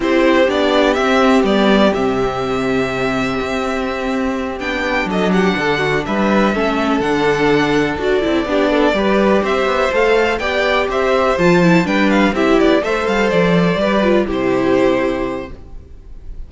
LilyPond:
<<
  \new Staff \with { instrumentName = "violin" } { \time 4/4 \tempo 4 = 124 c''4 d''4 e''4 d''4 | e''1~ | e''4. g''4 dis''8 fis''4~ | fis''8 e''2 fis''4.~ |
fis''8 d''2. e''8~ | e''8 f''4 g''4 e''4 a''8~ | a''8 g''8 f''8 e''8 d''8 e''8 f''8 d''8~ | d''4. c''2~ c''8 | }
  \new Staff \with { instrumentName = "violin" } { \time 4/4 g'1~ | g'1~ | g'2~ g'8 a'8 g'8 a'8 | fis'8 b'4 a'2~ a'8~ |
a'4. g'8 a'8 b'4 c''8~ | c''4. d''4 c''4.~ | c''8 b'4 g'4 c''4.~ | c''8 b'4 g'2~ g'8 | }
  \new Staff \with { instrumentName = "viola" } { \time 4/4 e'4 d'4 c'4 b4 | c'1~ | c'4. d'2~ d'8~ | d'4. cis'4 d'4.~ |
d'8 fis'8 e'8 d'4 g'4.~ | g'8 a'4 g'2 f'8 | e'8 d'4 e'4 a'4.~ | a'8 g'8 f'8 e'2~ e'8 | }
  \new Staff \with { instrumentName = "cello" } { \time 4/4 c'4 b4 c'4 g4 | c2. c'4~ | c'4. b4 fis4 d8~ | d8 g4 a4 d4.~ |
d8 d'8 c'8 b4 g4 c'8 | b8 a4 b4 c'4 f8~ | f8 g4 c'8 b8 a8 g8 f8~ | f8 g4 c2~ c8 | }
>>